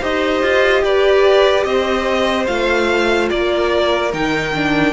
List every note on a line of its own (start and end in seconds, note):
0.00 0.42 D#4
0.00 2.47 G4
0.00 0.82 C5
0.00 0.84 D#5
0.42 0.82 F4
0.82 1.64 G4
0.82 1.66 B4
0.82 1.63 D5
1.63 2.47 C4
1.63 3.31 C5
1.63 2.46 D#5
2.46 3.30 A3
2.46 4.11 F4
2.46 3.28 F5
3.29 4.13 A#3
3.29 4.92 A#4
3.29 4.12 D5
4.13 4.92 D#3
4.13 4.54 D#4
4.13 4.92 G5
4.54 4.92 D4